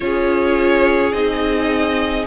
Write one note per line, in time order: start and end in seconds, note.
0.00 1.13 C#4
0.00 1.13 F4
0.00 2.26 G#4
0.00 1.12 C#5
1.12 2.26 C4
1.12 2.26 D#4
1.12 2.25 D#5